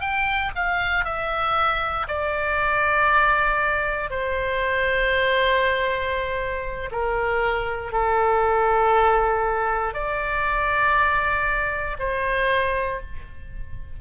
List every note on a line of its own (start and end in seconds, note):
0.00 0.51 G5
0.55 1.04 F5
1.04 2.06 E5
2.08 4.10 D5
4.10 6.89 C5
6.92 7.92 A#4
7.92 9.93 A4
9.93 11.97 D5
11.99 13.00 C5